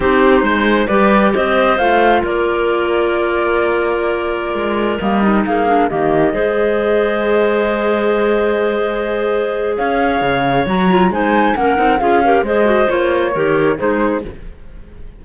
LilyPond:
<<
  \new Staff \with { instrumentName = "flute" } { \time 4/4 \tempo 4 = 135 c''2 d''4 dis''4 | f''4 d''2.~ | d''2.~ d''16 dis''8.~ | dis''16 f''4 dis''2~ dis''8.~ |
dis''1~ | dis''2 f''2 | ais''4 gis''4 fis''4 f''4 | dis''4 cis''2 c''4 | }
  \new Staff \with { instrumentName = "clarinet" } { \time 4/4 g'4 c''4 b'4 c''4~ | c''4 ais'2.~ | ais'1~ | ais'16 gis'4 g'4 c''4.~ c''16~ |
c''1~ | c''2 cis''2~ | cis''4 c''4 ais'4 gis'8 ais'8 | c''2 ais'4 gis'4 | }
  \new Staff \with { instrumentName = "clarinet" } { \time 4/4 dis'2 g'2 | f'1~ | f'2.~ f'16 ais8 dis'16~ | dis'8. d'8 ais4 gis'4.~ gis'16~ |
gis'1~ | gis'1 | fis'8 f'8 dis'4 cis'8 dis'8 f'8 g'8 | gis'8 fis'8 f'4 g'4 dis'4 | }
  \new Staff \with { instrumentName = "cello" } { \time 4/4 c'4 gis4 g4 c'4 | a4 ais2.~ | ais2~ ais16 gis4 g8.~ | g16 ais4 dis4 gis4.~ gis16~ |
gis1~ | gis2 cis'4 cis4 | fis4 gis4 ais8 c'8 cis'4 | gis4 ais4 dis4 gis4 | }
>>